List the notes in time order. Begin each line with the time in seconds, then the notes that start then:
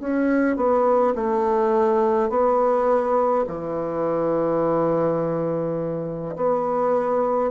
0.00 C#4
0.56 B3
1.15 A3
2.29 B3
3.47 E3
6.36 B3